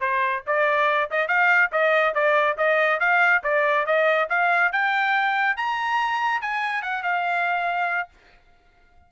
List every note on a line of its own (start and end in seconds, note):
0.00 0.43 C5
0.46 1.10 D5
1.10 1.28 D#5
1.28 1.70 F5
1.71 2.14 D#5
2.14 2.56 D5
2.57 2.99 D#5
2.99 3.42 F5
3.43 3.86 D5
3.86 4.28 D#5
4.29 4.72 F5
4.72 5.56 G5
5.56 6.41 A#5
6.41 6.82 G#5
6.82 7.03 F#5
7.03 8.09 F5